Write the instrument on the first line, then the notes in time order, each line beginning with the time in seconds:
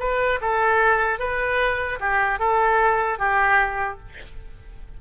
oboe
0.00 B4
0.42 A4
1.20 B4
2.00 G4
2.40 A4
3.19 G4